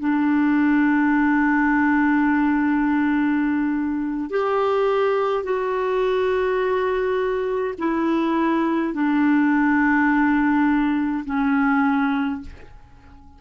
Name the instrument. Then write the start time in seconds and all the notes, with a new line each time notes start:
clarinet
0.00 D4
4.30 G4
5.44 F#4
7.78 E4
8.94 D4
11.26 C#4